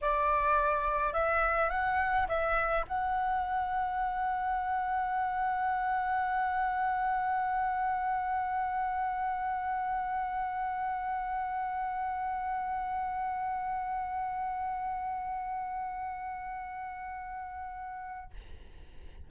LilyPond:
\new Staff \with { instrumentName = "flute" } { \time 4/4 \tempo 4 = 105 d''2 e''4 fis''4 | e''4 fis''2.~ | fis''1~ | fis''1~ |
fis''1~ | fis''1~ | fis''1~ | fis''1 | }